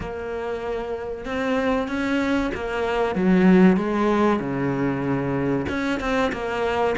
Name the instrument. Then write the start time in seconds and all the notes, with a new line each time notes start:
cello
0.00 A#3
1.25 C4
1.88 C#4
2.54 A#3
3.15 F#3
3.77 G#3
4.39 C#3
5.68 C#4
6.00 C4
6.32 A#3